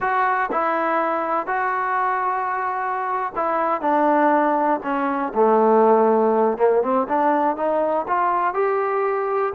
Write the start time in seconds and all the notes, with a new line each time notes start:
0.00 F#4
0.51 E4
1.47 F#4
3.35 E4
3.81 D4
4.83 C#4
5.34 A3
6.57 A#3
6.82 C4
7.08 D4
7.56 D#4
8.07 F4
8.54 G4